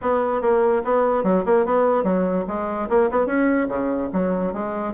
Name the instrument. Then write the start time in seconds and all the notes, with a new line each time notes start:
bassoon
0.01 B3
0.41 A#3
0.84 B3
1.23 F#3
1.45 A#3
1.65 B3
2.03 F#3
2.47 G#3
2.89 A#3
3.10 B3
3.26 C#4
3.68 C#3
4.13 F#3
4.53 G#3